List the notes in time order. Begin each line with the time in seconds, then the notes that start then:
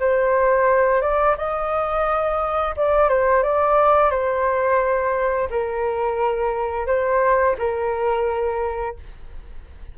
0.00 C5
1.02 D5
1.38 D#5
2.77 D5
3.09 C5
3.43 D5
4.11 C5
5.50 A#4
6.87 C5
7.58 A#4